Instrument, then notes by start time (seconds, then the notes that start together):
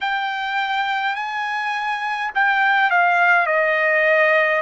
trumpet
0.00 G5
1.15 G#5
2.34 G5
2.90 F5
3.46 D#5